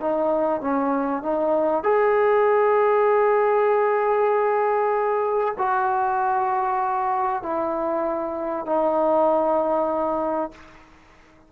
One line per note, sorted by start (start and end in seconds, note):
0.00 0.61 D#4
0.61 1.22 C#4
1.22 1.83 D#4
1.83 5.54 G#4
5.58 7.42 F#4
7.42 8.66 E4
8.66 10.51 D#4